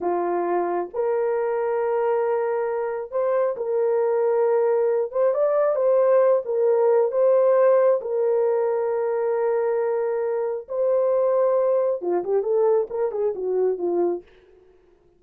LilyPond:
\new Staff \with { instrumentName = "horn" } { \time 4/4 \tempo 4 = 135 f'2 ais'2~ | ais'2. c''4 | ais'2.~ ais'8 c''8 | d''4 c''4. ais'4. |
c''2 ais'2~ | ais'1 | c''2. f'8 g'8 | a'4 ais'8 gis'8 fis'4 f'4 | }